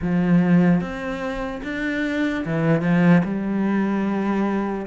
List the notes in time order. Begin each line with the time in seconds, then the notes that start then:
0.01 F3
0.80 C4
1.63 D4
2.45 E3
2.81 F3
3.24 G3